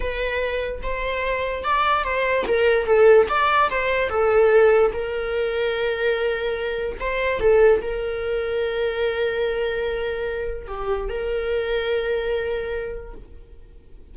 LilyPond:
\new Staff \with { instrumentName = "viola" } { \time 4/4 \tempo 4 = 146 b'2 c''2 | d''4 c''4 ais'4 a'4 | d''4 c''4 a'2 | ais'1~ |
ais'4 c''4 a'4 ais'4~ | ais'1~ | ais'2 g'4 ais'4~ | ais'1 | }